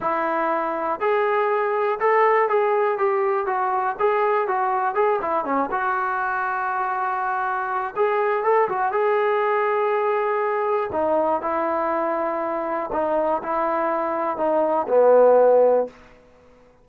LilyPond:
\new Staff \with { instrumentName = "trombone" } { \time 4/4 \tempo 4 = 121 e'2 gis'2 | a'4 gis'4 g'4 fis'4 | gis'4 fis'4 gis'8 e'8 cis'8 fis'8~ | fis'1 |
gis'4 a'8 fis'8 gis'2~ | gis'2 dis'4 e'4~ | e'2 dis'4 e'4~ | e'4 dis'4 b2 | }